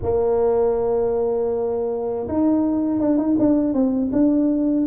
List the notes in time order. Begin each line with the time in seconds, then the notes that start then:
0.02 A#3
2.28 D#4
3.00 D4
3.17 D#4
3.38 D4
3.73 C4
4.12 D4